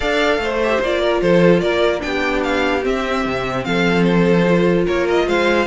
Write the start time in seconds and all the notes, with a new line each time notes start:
0.00 D4 A4 D5 F5
0.38 A3 C5
0.63 G4 E5
0.80 A#3 F4 D5
1.01 A#4
1.21 F3 A4 C5
1.60 A#3 A#4 D5
1.99 B3 D4 G5
2.06 G4
2.43 F5
2.81 C4 E5
3.25 C3
3.64 F3 A4 F5
4.03 C5
4.47 F4
4.85 A#3 A#4 C#5
5.08 D#5
5.27 G#3 C5 F5